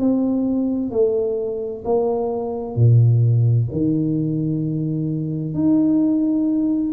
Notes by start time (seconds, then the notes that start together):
0.00 C4
0.91 A3
1.85 A#3
2.76 A#2
3.72 D#3
5.54 D#4